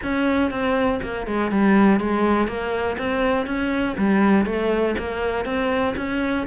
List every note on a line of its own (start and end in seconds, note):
0.03 0.50 C#4
0.50 1.00 C4
1.03 1.26 A#3
1.26 1.51 G#3
1.51 1.99 G3
1.99 2.47 G#3
2.47 2.97 A#3
2.98 3.46 C4
3.46 3.96 C#4
3.97 4.45 G3
4.45 4.95 A3
4.98 5.45 A#3
5.45 5.94 C4
5.96 6.46 C#4